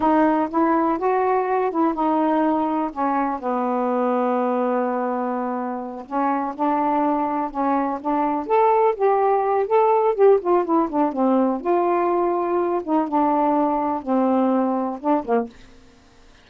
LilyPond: \new Staff \with { instrumentName = "saxophone" } { \time 4/4 \tempo 4 = 124 dis'4 e'4 fis'4. e'8 | dis'2 cis'4 b4~ | b1~ | b8 cis'4 d'2 cis'8~ |
cis'8 d'4 a'4 g'4. | a'4 g'8 f'8 e'8 d'8 c'4 | f'2~ f'8 dis'8 d'4~ | d'4 c'2 d'8 ais8 | }